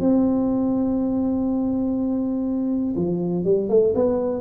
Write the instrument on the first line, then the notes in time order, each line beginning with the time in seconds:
tuba
0.00 C4
2.96 F3
3.44 G3
3.69 A3
3.95 B3